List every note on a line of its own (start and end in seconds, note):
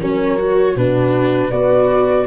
0.00 0.76 F#3
0.00 0.38 C#4
0.00 0.75 A#4
0.00 0.78 C#5
0.38 0.76 F#4
0.75 1.52 B2
0.75 1.52 D4
0.75 1.50 F#4
0.75 1.51 B4
1.50 2.28 B3
1.50 2.28 F#4
1.50 2.26 B4
1.50 2.27 D5